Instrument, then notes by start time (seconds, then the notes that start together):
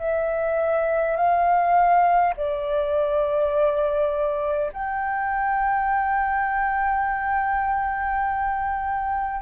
flute
0.00 E5
1.17 F5
2.37 D5
4.73 G5